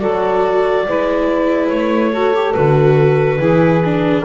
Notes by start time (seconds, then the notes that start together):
0.00 F#3 F#4 A4 D5
0.88 G#3 E4 B4
1.68 A3 C#5
2.11 F#4 A4
2.35 G4
2.53 D3 F#4 B4
3.39 E3 E4 G#4
3.85 D4